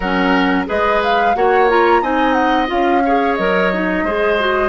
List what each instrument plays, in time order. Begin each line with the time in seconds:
0.00 bassoon F#3, clarinet C#4, oboe A#4, flute F#5
0.66 bassoon G#3, clarinet G#4, oboe B4, flute D#5
1.03 flute F5
1.35 bassoon A#3, clarinet F#4, oboe C#5, flute F#5
1.69 clarinet F4, flute A#5
2.02 bassoon C4, clarinet D#4, oboe D#5, flute G#5
2.32 flute F#5
2.67 bassoon C#4, clarinet F4, flute F5
3.04 clarinet G#4, oboe C#5
3.35 bassoon F#3, clarinet A#4, flute D#5
3.73 clarinet D#4
4.03 bassoon G#3, clarinet G#4, oboe C5
4.40 clarinet F#4